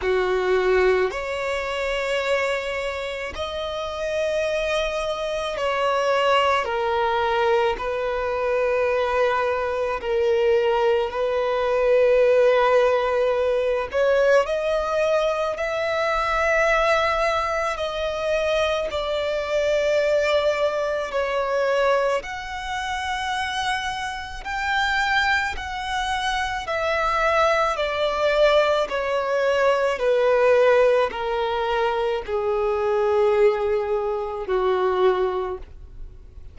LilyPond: \new Staff \with { instrumentName = "violin" } { \time 4/4 \tempo 4 = 54 fis'4 cis''2 dis''4~ | dis''4 cis''4 ais'4 b'4~ | b'4 ais'4 b'2~ | b'8 cis''8 dis''4 e''2 |
dis''4 d''2 cis''4 | fis''2 g''4 fis''4 | e''4 d''4 cis''4 b'4 | ais'4 gis'2 fis'4 | }